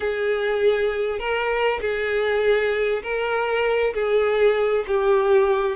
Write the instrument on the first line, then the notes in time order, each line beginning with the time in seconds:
violin
0.00 G#4
1.19 A#4
1.81 G#4
3.02 A#4
3.94 G#4
4.87 G4